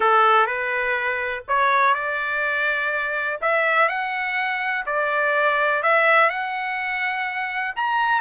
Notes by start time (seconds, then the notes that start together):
0.00 A4
0.46 B4
1.48 C#5
1.94 D5
3.41 E5
3.88 F#5
4.86 D5
5.82 E5
6.29 F#5
7.76 A#5